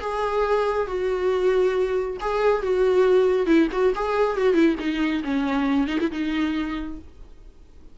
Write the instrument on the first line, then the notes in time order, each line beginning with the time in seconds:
viola
0.00 G#4
0.87 F#4
2.20 G#4
2.62 F#4
3.46 E4
3.72 F#4
3.95 G#4
4.37 F#4
4.53 E4
4.79 D#4
5.24 C#4
5.87 D#4
6.00 E4
6.11 D#4